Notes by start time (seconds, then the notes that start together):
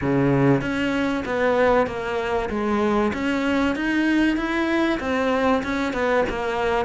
0.01 C#3
0.61 C#4
1.25 B3
1.86 A#3
2.49 G#3
3.13 C#4
3.75 D#4
4.36 E4
5.00 C4
5.62 C#4
5.93 B3
6.29 A#3